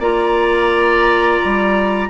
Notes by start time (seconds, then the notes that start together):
0.00 A#3 F4 D5 A#5
1.45 G3